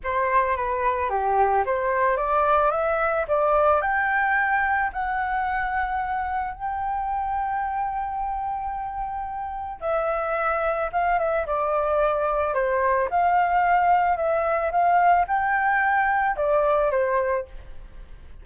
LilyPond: \new Staff \with { instrumentName = "flute" } { \time 4/4 \tempo 4 = 110 c''4 b'4 g'4 c''4 | d''4 e''4 d''4 g''4~ | g''4 fis''2. | g''1~ |
g''2 e''2 | f''8 e''8 d''2 c''4 | f''2 e''4 f''4 | g''2 d''4 c''4 | }